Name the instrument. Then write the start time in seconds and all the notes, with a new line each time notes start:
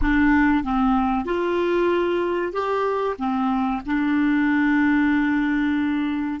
clarinet
0.01 D4
0.63 C4
1.25 F4
2.52 G4
3.18 C4
3.86 D4